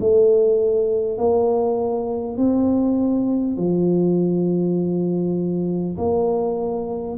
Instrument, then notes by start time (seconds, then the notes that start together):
tuba
0.00 A3
1.18 A#3
2.37 C4
3.57 F3
5.98 A#3